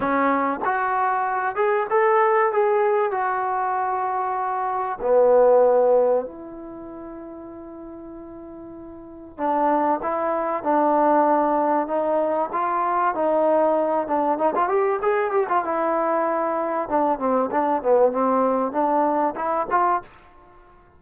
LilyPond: \new Staff \with { instrumentName = "trombone" } { \time 4/4 \tempo 4 = 96 cis'4 fis'4. gis'8 a'4 | gis'4 fis'2. | b2 e'2~ | e'2. d'4 |
e'4 d'2 dis'4 | f'4 dis'4. d'8 dis'16 f'16 g'8 | gis'8 g'16 f'16 e'2 d'8 c'8 | d'8 b8 c'4 d'4 e'8 f'8 | }